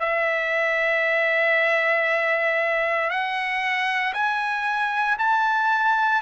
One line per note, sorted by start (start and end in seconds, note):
0.00 3.10 E5
3.10 4.14 F#5
4.14 5.18 G#5
5.19 6.22 A5